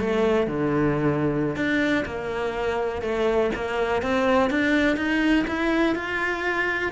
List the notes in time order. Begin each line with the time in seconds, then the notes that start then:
0.00 A3
0.47 D3
1.56 D4
2.06 A#3
3.02 A3
3.55 A#3
4.02 C4
4.50 D4
4.97 D#4
5.48 E4
5.96 F4